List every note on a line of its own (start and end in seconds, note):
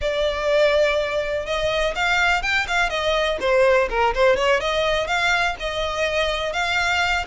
0.01 1.45 D5
1.45 1.94 D#5
1.95 2.42 F5
2.42 2.66 G5
2.67 2.89 F5
2.89 3.38 D#5
3.40 3.88 C5
3.89 4.13 A#4
4.14 4.36 C5
4.36 4.60 C#5
4.60 5.07 D#5
5.07 5.55 F5
5.59 6.52 D#5
6.52 7.25 F5